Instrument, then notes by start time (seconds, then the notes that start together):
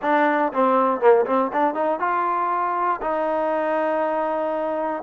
trombone
0.02 D4
0.52 C4
1.00 A#3
1.26 C4
1.52 D4
1.74 D#4
1.99 F4
3.01 D#4